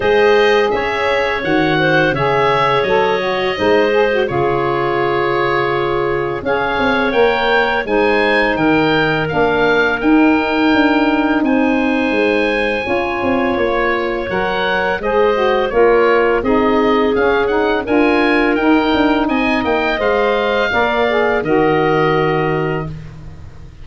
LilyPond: <<
  \new Staff \with { instrumentName = "oboe" } { \time 4/4 \tempo 4 = 84 dis''4 e''4 fis''4 e''4 | dis''2 cis''2~ | cis''4 f''4 g''4 gis''4 | g''4 f''4 g''2 |
gis''2. cis''4 | fis''4 dis''4 cis''4 dis''4 | f''8 fis''8 gis''4 g''4 gis''8 g''8 | f''2 dis''2 | }
  \new Staff \with { instrumentName = "clarinet" } { \time 4/4 c''4 cis''4. c''8 cis''4~ | cis''4 c''4 gis'2~ | gis'4 cis''2 c''4 | ais'1 |
c''2 cis''2~ | cis''4 c''4 ais'4 gis'4~ | gis'4 ais'2 dis''4~ | dis''4 d''4 ais'2 | }
  \new Staff \with { instrumentName = "saxophone" } { \time 4/4 gis'2 fis'4 gis'4 | a'8 fis'8 dis'8 gis'16 fis'16 f'2~ | f'4 gis'4 ais'4 dis'4~ | dis'4 d'4 dis'2~ |
dis'2 f'2 | ais'4 gis'8 fis'8 f'4 dis'4 | cis'8 dis'8 f'4 dis'2 | c''4 ais'8 gis'8 fis'2 | }
  \new Staff \with { instrumentName = "tuba" } { \time 4/4 gis4 cis'4 dis4 cis4 | fis4 gis4 cis2~ | cis4 cis'8 c'8 ais4 gis4 | dis4 ais4 dis'4 d'4 |
c'4 gis4 cis'8 c'8 ais4 | fis4 gis4 ais4 c'4 | cis'4 d'4 dis'8 d'8 c'8 ais8 | gis4 ais4 dis2 | }
>>